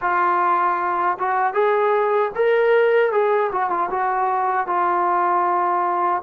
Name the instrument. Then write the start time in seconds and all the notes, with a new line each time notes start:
trombone
0.01 F4
1.18 F#4
1.53 G#4
2.35 A#4
3.12 G#4
3.52 F#4
3.69 F4
3.90 F#4
4.66 F4